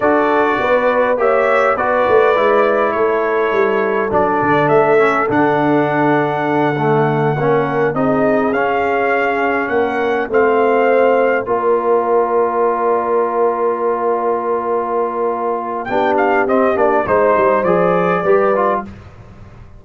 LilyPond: <<
  \new Staff \with { instrumentName = "trumpet" } { \time 4/4 \tempo 4 = 102 d''2 e''4 d''4~ | d''4 cis''2 d''4 | e''4 fis''2.~ | fis''4. dis''4 f''4.~ |
f''8 fis''4 f''2 d''8~ | d''1~ | d''2. g''8 f''8 | dis''8 d''8 c''4 d''2 | }
  \new Staff \with { instrumentName = "horn" } { \time 4/4 a'4 b'4 cis''4 b'4~ | b'4 a'2.~ | a'1~ | a'8 ais'4 gis'2~ gis'8~ |
gis'8 ais'4 c''2 ais'8~ | ais'1~ | ais'2. g'4~ | g'4 c''2 b'4 | }
  \new Staff \with { instrumentName = "trombone" } { \time 4/4 fis'2 g'4 fis'4 | e'2. d'4~ | d'8 cis'8 d'2~ d'8 a8~ | a8 cis'4 dis'4 cis'4.~ |
cis'4. c'2 f'8~ | f'1~ | f'2. d'4 | c'8 d'8 dis'4 gis'4 g'8 f'8 | }
  \new Staff \with { instrumentName = "tuba" } { \time 4/4 d'4 b4 ais4 b8 a8 | gis4 a4 g4 fis8 d8 | a4 d2.~ | d8 ais4 c'4 cis'4.~ |
cis'8 ais4 a2 ais8~ | ais1~ | ais2. b4 | c'8 ais8 gis8 g8 f4 g4 | }
>>